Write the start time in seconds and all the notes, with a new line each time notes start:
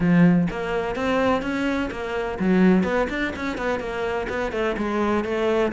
0.00 F3
0.50 A#3
0.95 C4
1.42 C#4
1.90 A#3
2.39 F#3
2.83 B3
3.09 D4
3.36 C#4
3.57 B3
3.79 A#3
4.29 B3
4.52 A3
4.77 G#3
5.24 A3